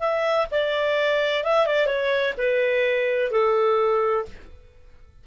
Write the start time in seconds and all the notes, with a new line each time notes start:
0.00 E5
0.52 D5
1.45 E5
1.67 D5
1.87 C#5
2.38 B4
3.32 A4